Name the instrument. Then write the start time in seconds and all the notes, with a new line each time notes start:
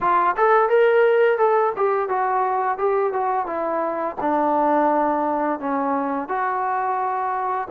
trombone
0.00 F4
0.36 A4
0.69 A#4
1.38 A4
1.76 G4
2.08 F#4
2.77 G4
3.12 F#4
3.46 E4
4.21 D4
5.59 C#4
6.28 F#4